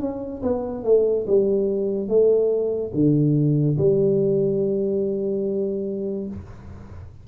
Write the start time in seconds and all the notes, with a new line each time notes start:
0.00 C#4
0.42 B3
0.84 A3
1.27 G3
2.08 A3
2.94 D3
3.78 G3